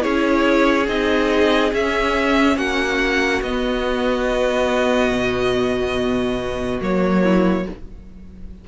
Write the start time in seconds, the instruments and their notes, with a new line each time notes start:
0.00 cello C#4, viola E4, violin G#4 C#5
0.87 cello C4, viola D#4, violin D#5
1.73 cello C#4, viola C#4, violin E5
2.57 cello A#3, violin F#4 F#5
3.42 cello B3, viola B3, violin D#5
5.11 cello B2
6.80 cello F#3, viola A#3, violin C#5
7.23 violin E4